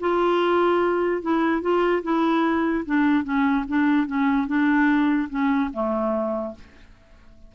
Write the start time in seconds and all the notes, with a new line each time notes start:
0.00 F4
1.22 E4
1.62 F4
2.03 E4
2.86 D4
3.24 C#4
3.68 D4
4.06 C#4
4.47 D4
5.29 C#4
5.73 A3